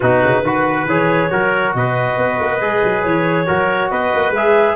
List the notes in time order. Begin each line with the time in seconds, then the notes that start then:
0.00 B2 D#4 F#4 B4
0.22 C#3
0.42 D#3 F#4 B4
0.85 E3 G#4 C#5
1.30 F#3 F#4 A#4
1.74 B2 B4 D#5
2.17 B3
2.40 A#3
2.60 G#3 G#4
2.83 F#3
3.03 E3 C#5
3.46 F#3 F#4 A#4
3.90 B3 B4 D#5
4.14 A#3
4.31 G#3 G#4 E5